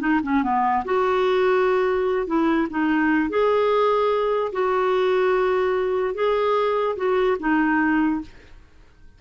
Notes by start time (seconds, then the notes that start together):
0.00 D#4
0.23 C#4
0.43 B3
0.85 F#4
2.27 E4
2.70 D#4
3.30 G#4
4.53 F#4
6.15 G#4
6.97 F#4
7.40 D#4